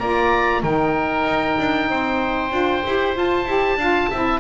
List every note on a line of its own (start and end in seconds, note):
0.00 0.63 A#3
0.00 0.62 F4
0.00 0.63 D5
0.00 0.63 A#5
0.62 1.26 D#3
0.62 2.51 D#4
0.62 1.89 A#4
0.62 3.16 G5
1.26 1.57 D#4
1.59 1.89 D4
1.89 2.52 C4
1.89 3.79 C5
2.51 2.84 D4
2.51 2.83 F4
2.85 3.17 E4
2.85 3.14 G4
3.14 3.46 F4
3.14 4.41 A5
3.46 3.77 E4
3.46 3.79 G4
3.77 4.09 D4
3.77 4.12 F4
3.77 4.10 F5
4.11 4.41 C4
4.11 4.41 E4
4.11 4.41 E5